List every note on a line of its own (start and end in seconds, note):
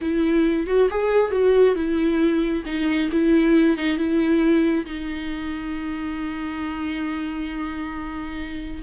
0.01 0.66 E4
0.66 0.88 F#4
0.90 1.31 G#4
1.31 1.75 F#4
1.75 2.63 E4
2.65 3.09 D#4
3.12 3.77 E4
3.77 3.97 D#4
3.97 4.85 E4
4.85 8.82 D#4